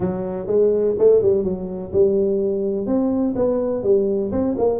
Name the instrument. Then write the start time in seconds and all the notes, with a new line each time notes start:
tuba
0.00 F#3
0.46 G#3
0.98 A3
1.22 G3
1.43 F#3
1.92 G3
2.86 C4
3.35 B3
3.83 G3
4.31 C4
4.57 A#3